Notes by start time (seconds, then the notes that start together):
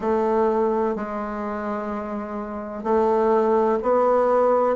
0.00 A3
0.95 G#3
2.83 A3
3.82 B3